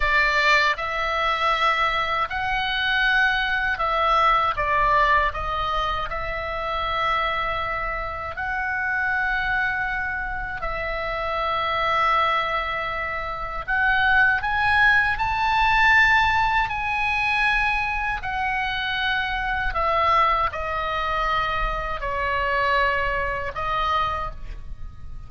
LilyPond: \new Staff \with { instrumentName = "oboe" } { \time 4/4 \tempo 4 = 79 d''4 e''2 fis''4~ | fis''4 e''4 d''4 dis''4 | e''2. fis''4~ | fis''2 e''2~ |
e''2 fis''4 gis''4 | a''2 gis''2 | fis''2 e''4 dis''4~ | dis''4 cis''2 dis''4 | }